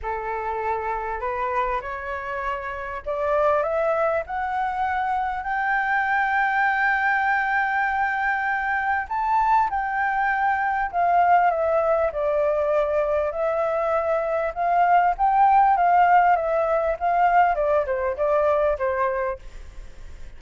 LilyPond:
\new Staff \with { instrumentName = "flute" } { \time 4/4 \tempo 4 = 99 a'2 b'4 cis''4~ | cis''4 d''4 e''4 fis''4~ | fis''4 g''2.~ | g''2. a''4 |
g''2 f''4 e''4 | d''2 e''2 | f''4 g''4 f''4 e''4 | f''4 d''8 c''8 d''4 c''4 | }